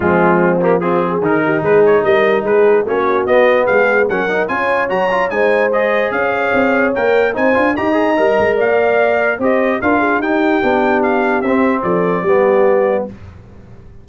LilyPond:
<<
  \new Staff \with { instrumentName = "trumpet" } { \time 4/4 \tempo 4 = 147 f'4. g'8 gis'4 ais'4 | b'8 cis''8 dis''4 b'4 cis''4 | dis''4 f''4 fis''4 gis''4 | ais''4 gis''4 dis''4 f''4~ |
f''4 g''4 gis''4 ais''4~ | ais''4 f''2 dis''4 | f''4 g''2 f''4 | e''4 d''2. | }
  \new Staff \with { instrumentName = "horn" } { \time 4/4 c'2 f'8 gis'4 g'8 | gis'4 ais'4 gis'4 fis'4~ | fis'4 gis'4 ais'4 cis''4~ | cis''4 c''2 cis''4~ |
cis''2 c''4 dis''4~ | dis''4 d''2 c''4 | ais'8 gis'8 g'2.~ | g'4 a'4 g'2 | }
  \new Staff \with { instrumentName = "trombone" } { \time 4/4 gis4. ais8 c'4 dis'4~ | dis'2. cis'4 | b2 cis'8 dis'8 f'4 | fis'8 f'8 dis'4 gis'2~ |
gis'4 ais'4 dis'8 f'8 g'8 gis'8 | ais'2. g'4 | f'4 dis'4 d'2 | c'2 b2 | }
  \new Staff \with { instrumentName = "tuba" } { \time 4/4 f2. dis4 | gis4 g4 gis4 ais4 | b4 gis4 fis4 cis'4 | fis4 gis2 cis'4 |
c'4 ais4 c'8 d'8 dis'4 | g8 gis8 ais2 c'4 | d'4 dis'4 b2 | c'4 f4 g2 | }
>>